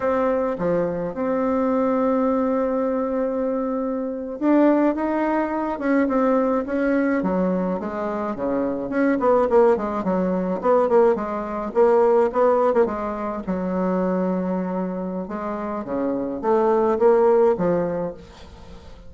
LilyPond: \new Staff \with { instrumentName = "bassoon" } { \time 4/4 \tempo 4 = 106 c'4 f4 c'2~ | c'2.~ c'8. d'16~ | d'8. dis'4. cis'8 c'4 cis'16~ | cis'8. fis4 gis4 cis4 cis'16~ |
cis'16 b8 ais8 gis8 fis4 b8 ais8 gis16~ | gis8. ais4 b8. ais16 gis4 fis16~ | fis2. gis4 | cis4 a4 ais4 f4 | }